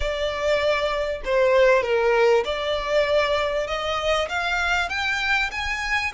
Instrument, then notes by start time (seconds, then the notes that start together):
violin
0.00 D5
1.24 C5
1.82 A#4
2.44 D5
3.67 D#5
4.29 F5
4.89 G5
5.51 G#5